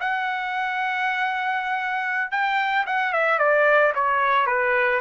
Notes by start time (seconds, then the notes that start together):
0.00 F#5
2.31 G5
2.86 F#5
3.13 E5
3.38 D5
3.94 C#5
4.46 B4